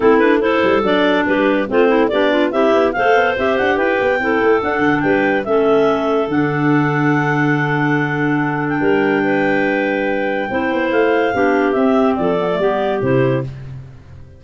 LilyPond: <<
  \new Staff \with { instrumentName = "clarinet" } { \time 4/4 \tempo 4 = 143 a'8 b'8 c''4 d''4 b'4 | c''4 d''4 e''4 f''4 | e''8 fis''8 g''2 fis''4 | g''4 e''2 fis''4~ |
fis''1~ | fis''8. g''2.~ g''16~ | g''2 f''2 | e''4 d''2 c''4 | }
  \new Staff \with { instrumentName = "clarinet" } { \time 4/4 e'4 a'2 g'4 | f'8 e'8 d'4 g'4 c''4~ | c''4 b'4 a'2 | b'4 a'2.~ |
a'1~ | a'4 ais'4 b'2~ | b'4 c''2 g'4~ | g'4 a'4 g'2 | }
  \new Staff \with { instrumentName = "clarinet" } { \time 4/4 c'8 d'8 e'4 d'2 | c'4 g'8 f'8 e'4 a'4 | g'2 e'4 d'4~ | d'4 cis'2 d'4~ |
d'1~ | d'1~ | d'4 e'2 d'4 | c'4. b16 a16 b4 e'4 | }
  \new Staff \with { instrumentName = "tuba" } { \time 4/4 a4. g8 fis4 g4 | a4 b4 c'8 b8 a8 b8 | c'8 d'8 e'8 b8 c'8 a8 d'8 d8 | g4 a2 d4~ |
d1~ | d4 g2.~ | g4 c'8 b8 a4 b4 | c'4 f4 g4 c4 | }
>>